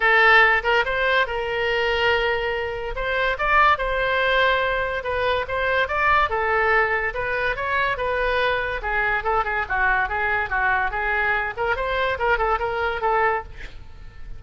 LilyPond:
\new Staff \with { instrumentName = "oboe" } { \time 4/4 \tempo 4 = 143 a'4. ais'8 c''4 ais'4~ | ais'2. c''4 | d''4 c''2. | b'4 c''4 d''4 a'4~ |
a'4 b'4 cis''4 b'4~ | b'4 gis'4 a'8 gis'8 fis'4 | gis'4 fis'4 gis'4. ais'8 | c''4 ais'8 a'8 ais'4 a'4 | }